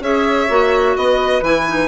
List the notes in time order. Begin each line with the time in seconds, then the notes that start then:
0.00 C#4 G#4 C#5 E5
0.48 A#3 F#4
0.96 B3 B4 D#5
1.42 E3 E4 G#5
1.67 D#4